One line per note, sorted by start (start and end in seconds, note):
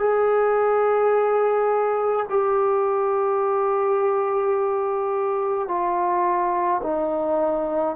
0.00 2.26 G#4
2.30 5.68 G4
5.68 6.81 F4
6.83 7.96 D#4